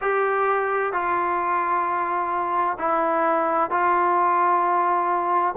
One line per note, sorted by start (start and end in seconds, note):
0.01 0.92 G4
0.92 2.77 F4
2.79 3.70 E4
3.70 5.54 F4